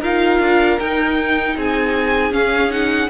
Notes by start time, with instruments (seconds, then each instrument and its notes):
0.00 cello D#4, viola F4, violin A#4 F5
0.39 cello D4
0.79 viola D#4, cello D#4, violin G5
1.56 cello C4, violin G#4 G#5
2.31 cello C#4, viola C#4, violin F5
2.70 viola D#4, violin F#5